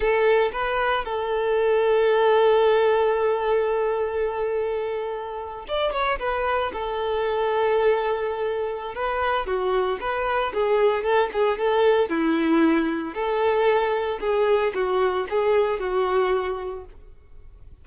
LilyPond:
\new Staff \with { instrumentName = "violin" } { \time 4/4 \tempo 4 = 114 a'4 b'4 a'2~ | a'1~ | a'2~ a'8. d''8 cis''8 b'16~ | b'8. a'2.~ a'16~ |
a'4 b'4 fis'4 b'4 | gis'4 a'8 gis'8 a'4 e'4~ | e'4 a'2 gis'4 | fis'4 gis'4 fis'2 | }